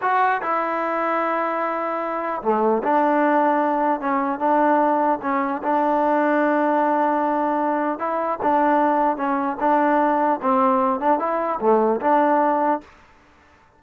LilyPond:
\new Staff \with { instrumentName = "trombone" } { \time 4/4 \tempo 4 = 150 fis'4 e'2.~ | e'2 a4 d'4~ | d'2 cis'4 d'4~ | d'4 cis'4 d'2~ |
d'1 | e'4 d'2 cis'4 | d'2 c'4. d'8 | e'4 a4 d'2 | }